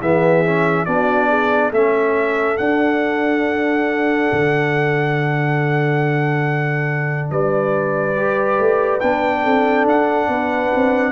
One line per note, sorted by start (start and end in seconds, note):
0.00 0.86 E3
0.00 0.44 B3
0.00 0.86 G#4
0.00 0.85 E5
0.45 0.86 C#4
0.85 1.71 B3
0.85 1.72 D4
0.85 1.28 F#4
0.85 1.71 D5
1.28 1.70 G#4
1.70 2.57 A3
1.70 2.57 C#4
1.70 7.27 A4
1.70 2.57 E5
2.57 8.14 D4
2.57 4.31 D4
2.57 7.28 F#5
4.32 7.30 D3
7.30 8.58 G3
7.30 9.43 B4
7.30 8.99 D5
8.15 9.01 G4
8.58 9.01 A3
8.99 9.45 B3
8.99 11.11 D4
8.99 9.85 G5
9.43 9.85 C4
9.43 10.29 A4
9.85 10.27 D4
9.85 11.11 F#5
10.28 10.71 B3
10.28 11.11 B4
10.75 11.11 C4